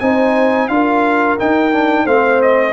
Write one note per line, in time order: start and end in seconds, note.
0.00 0.69 C4
0.00 0.70 D#4
0.00 0.70 C5
0.00 0.68 G#5
0.68 1.38 D4
0.68 1.39 F4
0.68 2.05 A#4
0.68 1.37 F5
1.39 1.73 D#4
1.39 2.06 D#4
1.39 2.07 G5
1.73 2.07 D4
2.05 2.73 A3
2.05 2.73 C4
2.05 2.73 C5
2.05 2.41 F5
2.42 2.73 D#5